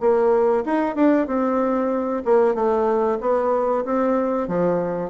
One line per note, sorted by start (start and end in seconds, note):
0.00 0.64 A#3
0.66 0.95 D#4
0.95 1.27 D4
1.27 2.23 C4
2.25 2.54 A#3
2.54 3.18 A3
3.21 3.84 B3
3.85 4.48 C4
4.48 5.10 F3